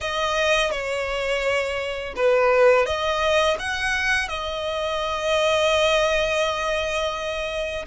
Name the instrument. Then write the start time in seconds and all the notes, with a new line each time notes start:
violin
0.00 D#5
0.71 C#5
2.16 B4
2.86 D#5
3.59 F#5
4.28 D#5